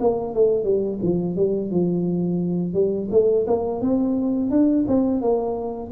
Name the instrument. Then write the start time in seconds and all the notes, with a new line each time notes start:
tuba
0.00 A#3
0.34 A3
0.64 G3
1.02 F3
1.36 G3
1.71 F3
2.74 G3
3.11 A3
3.47 A#3
3.81 C4
4.51 D4
4.88 C4
5.21 A#3